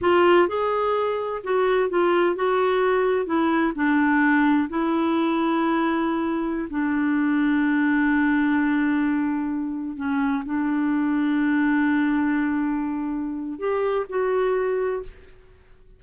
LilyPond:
\new Staff \with { instrumentName = "clarinet" } { \time 4/4 \tempo 4 = 128 f'4 gis'2 fis'4 | f'4 fis'2 e'4 | d'2 e'2~ | e'2~ e'16 d'4.~ d'16~ |
d'1~ | d'4~ d'16 cis'4 d'4.~ d'16~ | d'1~ | d'4 g'4 fis'2 | }